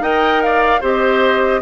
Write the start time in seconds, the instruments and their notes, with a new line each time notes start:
0.00 bassoon D#4, clarinet A#4, oboe D#5, flute G5
0.43 oboe D5, flute F5
0.81 bassoon C4, clarinet G4, oboe C5, flute D#5